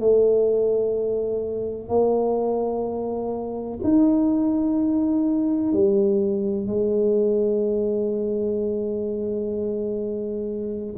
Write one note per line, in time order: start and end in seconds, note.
0.00 1.89 A3
1.89 3.79 A#3
3.84 5.73 D#4
5.73 6.68 G3
6.68 10.96 G#3